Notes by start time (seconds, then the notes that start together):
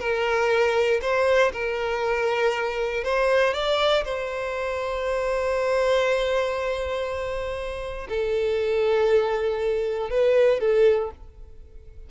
0.00 A#4
1.02 C5
1.53 A#4
3.04 C5
3.54 D5
4.05 C5
8.09 A4
10.11 B4
10.61 A4